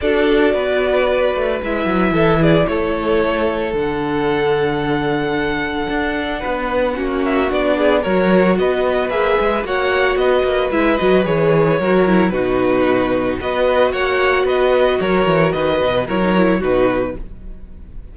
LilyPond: <<
  \new Staff \with { instrumentName = "violin" } { \time 4/4 \tempo 4 = 112 d''2. e''4~ | e''8 d''8 cis''2 fis''4~ | fis''1~ | fis''4. e''8 d''4 cis''4 |
dis''4 e''4 fis''4 dis''4 | e''8 dis''8 cis''2 b'4~ | b'4 dis''4 fis''4 dis''4 | cis''4 dis''4 cis''4 b'4 | }
  \new Staff \with { instrumentName = "violin" } { \time 4/4 a'4 b'2. | a'8 gis'8 a'2.~ | a'1 | b'4 fis'4. gis'8 ais'4 |
b'2 cis''4 b'4~ | b'2 ais'4 fis'4~ | fis'4 b'4 cis''4 b'4 | ais'4 b'4 ais'4 fis'4 | }
  \new Staff \with { instrumentName = "viola" } { \time 4/4 fis'2. e'4~ | e'2. d'4~ | d'1~ | d'4 cis'4 d'4 fis'4~ |
fis'4 gis'4 fis'2 | e'8 fis'8 gis'4 fis'8 e'8 dis'4~ | dis'4 fis'2.~ | fis'2 e'16 dis'16 e'8 dis'4 | }
  \new Staff \with { instrumentName = "cello" } { \time 4/4 d'4 b4. a8 gis8 fis8 | e4 a2 d4~ | d2. d'4 | b4 ais4 b4 fis4 |
b4 ais8 gis8 ais4 b8 ais8 | gis8 fis8 e4 fis4 b,4~ | b,4 b4 ais4 b4 | fis8 e8 dis8 b,8 fis4 b,4 | }
>>